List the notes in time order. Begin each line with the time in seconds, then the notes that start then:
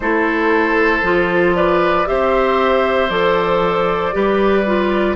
0.00 A3 E4 A4 C5
1.02 F3 F4
1.55 B4 D5
2.05 C4 G4 C5 E5
3.09 F3 A4 D5
4.12 G3 G4 B4
4.66 F4